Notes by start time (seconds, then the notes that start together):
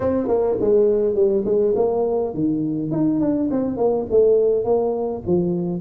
0.00 C4
0.27 A#3
0.60 G#3
1.14 G3
1.45 G#3
1.75 A#3
2.34 D#3
2.91 D#4
3.20 D4
3.50 C4
3.76 A#3
4.10 A3
4.64 A#3
5.26 F3